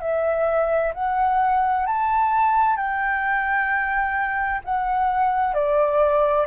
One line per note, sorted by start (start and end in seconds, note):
0.00 0.92 E5
0.94 1.86 F#5
1.86 2.76 A5
2.76 4.61 G5
4.64 5.53 F#5
5.53 6.46 D5